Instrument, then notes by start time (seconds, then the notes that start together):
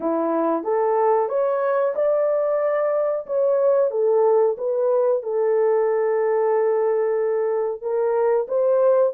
horn
0.00 E4
0.63 A4
1.28 C#5
1.95 D5
3.26 C#5
3.90 A4
4.57 B4
5.22 A4
7.81 A#4
8.48 C5